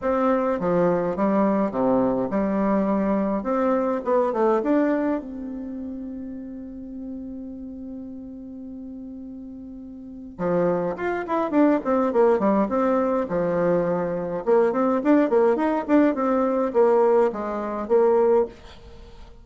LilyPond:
\new Staff \with { instrumentName = "bassoon" } { \time 4/4 \tempo 4 = 104 c'4 f4 g4 c4 | g2 c'4 b8 a8 | d'4 c'2.~ | c'1~ |
c'2 f4 f'8 e'8 | d'8 c'8 ais8 g8 c'4 f4~ | f4 ais8 c'8 d'8 ais8 dis'8 d'8 | c'4 ais4 gis4 ais4 | }